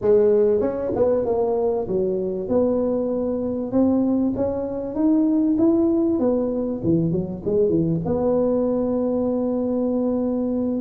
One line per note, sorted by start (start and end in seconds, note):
0.01 0.60 G#3
0.60 0.91 C#4
0.95 1.25 B3
1.25 1.87 A#3
1.87 2.48 F#3
2.48 3.71 B3
3.71 4.33 C4
4.36 4.95 C#4
4.95 5.56 D#4
5.58 6.19 E4
6.19 6.81 B3
6.83 7.11 E3
7.11 7.42 F#3
7.45 7.69 G#3
7.69 8.00 E3
8.05 10.81 B3